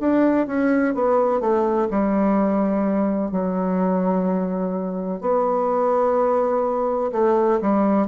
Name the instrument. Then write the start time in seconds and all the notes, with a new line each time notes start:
bassoon
0.00 D4
0.47 C#4
0.94 B3
1.41 A3
1.90 G3
3.31 F#3
5.21 B3
7.12 A3
7.61 G3